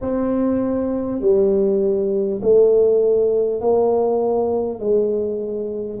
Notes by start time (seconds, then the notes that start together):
0.01 C4
1.20 G3
2.42 A3
3.60 A#3
4.79 G#3